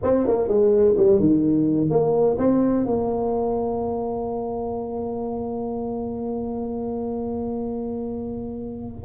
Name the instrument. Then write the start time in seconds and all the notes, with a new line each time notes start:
tuba
0.03 C4
0.27 A#3
0.48 G#3
0.97 G3
1.19 D#3
1.89 A#3
2.37 C4
2.85 A#3